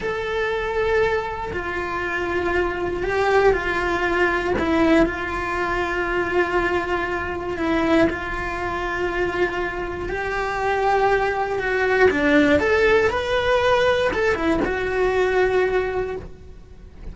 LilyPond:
\new Staff \with { instrumentName = "cello" } { \time 4/4 \tempo 4 = 119 a'2. f'4~ | f'2 g'4 f'4~ | f'4 e'4 f'2~ | f'2. e'4 |
f'1 | g'2. fis'4 | d'4 a'4 b'2 | a'8 e'8 fis'2. | }